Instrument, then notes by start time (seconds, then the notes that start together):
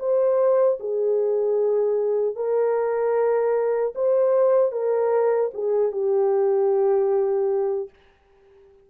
horn
0.00 C5
0.80 G#4
2.36 A#4
3.95 C5
4.72 A#4
5.54 G#4
5.92 G4